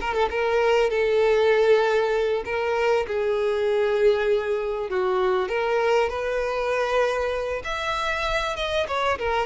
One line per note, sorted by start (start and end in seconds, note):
0.00 0.13 A#4
0.13 0.29 A4
0.30 0.90 A#4
0.90 2.43 A4
2.45 3.06 A#4
3.06 4.90 G#4
4.90 5.48 F#4
5.48 6.09 A#4
6.09 7.62 B4
7.64 8.56 E5
8.56 8.86 D#5
8.87 9.18 C#5
9.18 9.46 A#4